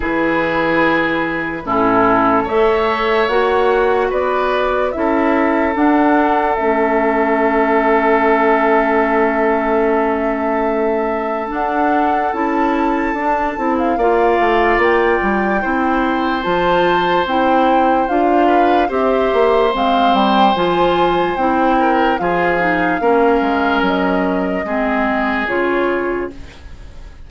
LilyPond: <<
  \new Staff \with { instrumentName = "flute" } { \time 4/4 \tempo 4 = 73 b'2 a'4 e''4 | fis''4 d''4 e''4 fis''4 | e''1~ | e''2 fis''4 a''4~ |
a''8. f''4~ f''16 g''2 | a''4 g''4 f''4 e''4 | f''8 g''8 gis''4 g''4 f''4~ | f''4 dis''2 cis''4 | }
  \new Staff \with { instrumentName = "oboe" } { \time 4/4 gis'2 e'4 cis''4~ | cis''4 b'4 a'2~ | a'1~ | a'1~ |
a'4 d''2 c''4~ | c''2~ c''8 b'8 c''4~ | c''2~ c''8 ais'8 gis'4 | ais'2 gis'2 | }
  \new Staff \with { instrumentName = "clarinet" } { \time 4/4 e'2 cis'4 a'4 | fis'2 e'4 d'4 | cis'1~ | cis'2 d'4 e'4 |
d'8 e'8 f'2 e'4 | f'4 e'4 f'4 g'4 | c'4 f'4 e'4 f'8 dis'8 | cis'2 c'4 f'4 | }
  \new Staff \with { instrumentName = "bassoon" } { \time 4/4 e2 a,4 a4 | ais4 b4 cis'4 d'4 | a1~ | a2 d'4 cis'4 |
d'8 c'8 ais8 a8 ais8 g8 c'4 | f4 c'4 d'4 c'8 ais8 | gis8 g8 f4 c'4 f4 | ais8 gis8 fis4 gis4 cis4 | }
>>